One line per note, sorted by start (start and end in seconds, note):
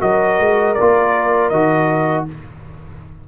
0.00 0.39 F#3
0.00 0.75 F#4
0.00 2.26 A#4
0.00 0.74 D#5
0.39 0.77 G#3
0.74 1.50 A#3
0.74 1.53 F4
0.74 1.49 D5
1.49 2.25 D#3
1.49 2.28 F#4
1.49 2.24 D#5